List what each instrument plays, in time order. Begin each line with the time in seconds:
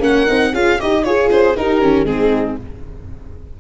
0.00 tuba A#3, viola C#4, horn A#4, violin F#5
0.27 tuba C4, viola D#4
0.53 tuba C#4, viola F4, horn G#4, violin F5
0.79 tuba D#4, horn G4, viola G4, violin D#5
1.04 tuba F4, horn F4, viola G#4, violin C#5
1.30 tuba C#4, violin C5
1.57 viola D#4, tuba D#4, horn G4, violin A#4
1.81 tuba D#3, viola C#4
2.04 tuba G#3, viola C4, horn D#4, violin G#4